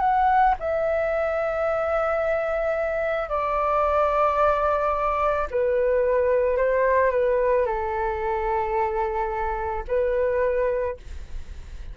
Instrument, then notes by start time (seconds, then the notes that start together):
flute
0.00 F#5
0.60 E5
3.29 D5
5.50 B4
6.57 C5
7.11 B4
7.66 A4
9.88 B4